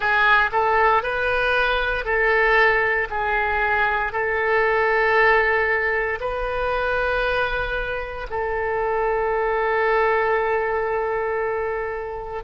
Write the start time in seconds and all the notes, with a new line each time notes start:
0.00 G#4
0.52 A4
1.03 B4
2.04 A4
3.10 G#4
4.12 A4
6.20 B4
8.29 A4